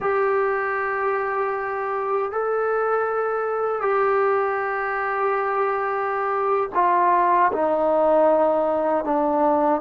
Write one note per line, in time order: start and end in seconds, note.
0.00 2.31 G4
2.31 3.81 A4
3.81 6.69 G4
6.74 7.51 F4
7.52 9.04 D#4
9.04 9.81 D4